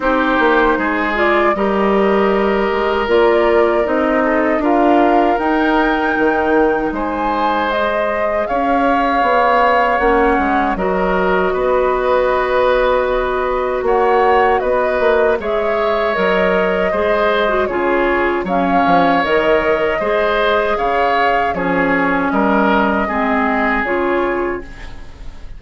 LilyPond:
<<
  \new Staff \with { instrumentName = "flute" } { \time 4/4 \tempo 4 = 78 c''4. d''8 dis''2 | d''4 dis''4 f''4 g''4~ | g''4 gis''4 dis''4 f''4~ | f''4 fis''4 dis''2~ |
dis''2 fis''4 dis''4 | e''4 dis''2 cis''4 | f''4 dis''2 f''4 | cis''4 dis''2 cis''4 | }
  \new Staff \with { instrumentName = "oboe" } { \time 4/4 g'4 gis'4 ais'2~ | ais'4. a'8 ais'2~ | ais'4 c''2 cis''4~ | cis''2 ais'4 b'4~ |
b'2 cis''4 b'4 | cis''2 c''4 gis'4 | cis''2 c''4 cis''4 | gis'4 ais'4 gis'2 | }
  \new Staff \with { instrumentName = "clarinet" } { \time 4/4 dis'4. f'8 g'2 | f'4 dis'4 f'4 dis'4~ | dis'2 gis'2~ | gis'4 cis'4 fis'2~ |
fis'1 | gis'4 ais'4 gis'8. fis'16 f'4 | cis'4 ais'4 gis'2 | cis'2 c'4 f'4 | }
  \new Staff \with { instrumentName = "bassoon" } { \time 4/4 c'8 ais8 gis4 g4. gis8 | ais4 c'4 d'4 dis'4 | dis4 gis2 cis'4 | b4 ais8 gis8 fis4 b4~ |
b2 ais4 b8 ais8 | gis4 fis4 gis4 cis4 | fis8 f8 dis4 gis4 cis4 | f4 g4 gis4 cis4 | }
>>